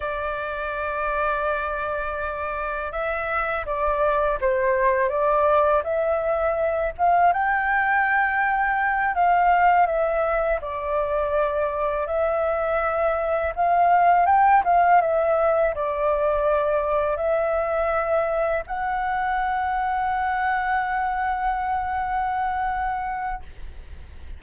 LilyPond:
\new Staff \with { instrumentName = "flute" } { \time 4/4 \tempo 4 = 82 d''1 | e''4 d''4 c''4 d''4 | e''4. f''8 g''2~ | g''8 f''4 e''4 d''4.~ |
d''8 e''2 f''4 g''8 | f''8 e''4 d''2 e''8~ | e''4. fis''2~ fis''8~ | fis''1 | }